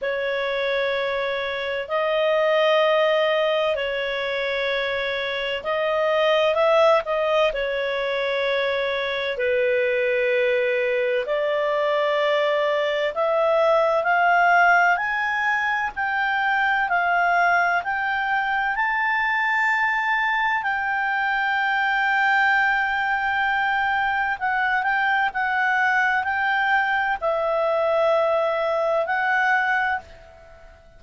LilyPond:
\new Staff \with { instrumentName = "clarinet" } { \time 4/4 \tempo 4 = 64 cis''2 dis''2 | cis''2 dis''4 e''8 dis''8 | cis''2 b'2 | d''2 e''4 f''4 |
gis''4 g''4 f''4 g''4 | a''2 g''2~ | g''2 fis''8 g''8 fis''4 | g''4 e''2 fis''4 | }